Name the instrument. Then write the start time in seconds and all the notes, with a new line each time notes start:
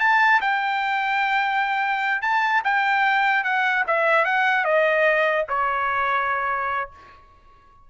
trumpet
0.00 A5
0.41 G5
2.22 A5
2.64 G5
3.44 F#5
3.87 E5
4.25 F#5
4.65 D#5
5.49 C#5